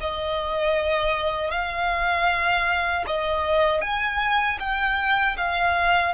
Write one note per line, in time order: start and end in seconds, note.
0.00 1.50 D#5
1.50 3.04 F5
3.07 3.81 D#5
3.81 4.58 G#5
4.59 5.36 G5
5.37 6.14 F5